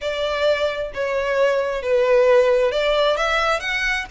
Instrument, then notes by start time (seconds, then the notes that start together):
violin
0.01 D5
0.93 C#5
1.82 B4
2.71 D5
3.16 E5
3.60 F#5